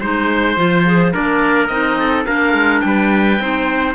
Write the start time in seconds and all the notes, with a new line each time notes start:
0.00 G#3 D#4 C5
0.56 F3 F4
0.86 G#4
1.12 A#3 D4 A#4 D5
1.67 C4 D#4 D#5
1.99 A4
2.25 A#3 D4 A#4 F5
2.53 G#3
2.81 G3 B4 G5
3.39 C4 D#4 C5